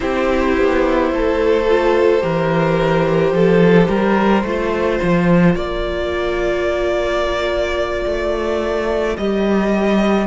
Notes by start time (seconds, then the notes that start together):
0.00 C4 E4 G4 C5
0.57 B3
1.12 A3 A4
1.68 F4
2.20 E3 G4 A#4
3.31 F3 A4
3.88 G3 A#4
4.43 A3 F4 C5
5.02 F3
5.55 A#3 A#4 D5
8.06 A3
9.17 G3 G4 D#5